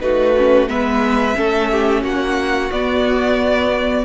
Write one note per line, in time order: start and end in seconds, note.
0.00 0.68 A3
0.00 0.34 D#4
0.00 0.69 F#4
0.00 0.68 B4
0.37 0.67 C#4
0.67 1.35 G#3
0.67 1.35 B3
0.67 1.36 B4
0.67 2.03 E5
1.35 2.02 A3
1.35 2.70 C#4
1.35 1.71 A4
1.71 2.02 G4
2.02 2.70 A#3
2.02 4.05 F#4
2.02 2.71 F#5
2.71 4.05 B3
2.71 4.05 D5